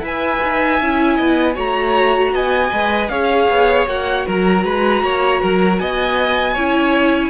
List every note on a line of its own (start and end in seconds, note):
0.00 0.38 E4
0.00 0.80 B4
0.00 1.16 E5
0.00 1.59 G#5
0.43 0.81 D#4
0.81 1.20 C#4
0.81 1.55 E4
1.16 1.57 B3
1.16 1.55 D#5
1.55 2.33 A3
1.55 2.70 F#4
1.55 2.32 C#5
1.55 2.36 A#5
2.33 2.71 B3
2.33 3.11 D#5
2.33 3.09 G#5
2.72 3.10 G#3
2.72 3.10 B4
3.09 3.48 C#4
3.09 3.87 G#4
3.09 4.26 C#5
3.09 3.86 F5
3.49 3.87 B3
3.87 4.25 A#3
3.87 6.56 F#4
3.87 4.27 F#5
4.27 4.64 F#3
4.27 4.64 A#4
4.27 5.79 A#5
4.64 5.03 G#3
4.64 5.03 B4
5.03 5.41 A#3
5.03 5.42 C#5
5.42 5.80 F#3
5.42 5.80 A#4
5.79 6.56 B3
5.79 6.54 D#5
5.79 7.30 G#5
6.54 7.30 C#4
6.54 7.30 E4
6.54 7.30 C#5